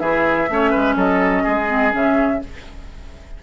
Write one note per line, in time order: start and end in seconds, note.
0.00 0.49 E3
0.00 0.50 E4
0.00 0.49 G#4
0.00 0.96 E5
0.50 0.74 A3
0.50 1.68 C#4
0.50 0.71 C#5
0.71 0.96 G#3
0.71 0.95 B4
0.96 1.44 F#3
0.96 1.44 A4
0.96 1.94 D#5
1.44 1.95 G#3
1.44 2.40 G#4
1.68 1.92 C4
1.92 2.43 C#3
1.92 2.40 C#4
1.92 2.44 E5